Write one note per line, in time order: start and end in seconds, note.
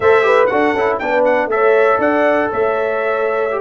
0.00 0.49 A3
0.00 0.22 A4
0.00 0.25 C5
0.00 0.46 E5
0.22 0.47 G4
0.22 0.50 B4
0.46 0.74 D4
0.46 0.74 F#4
0.46 1.00 A4
0.46 0.96 F#5
0.74 0.99 C#4
0.74 1.01 E4
0.98 1.46 B3
0.98 1.50 D4
0.98 1.50 B4
0.98 1.23 G5
1.24 1.49 F#5
1.46 1.96 A3
1.46 3.50 A4
1.46 2.00 E5
1.53 1.99 C#5
1.98 2.48 D4
1.98 2.49 D5
1.98 2.51 F#5
2.50 3.61 A3
2.50 3.61 C#5
2.50 3.61 E5
3.51 3.61 G4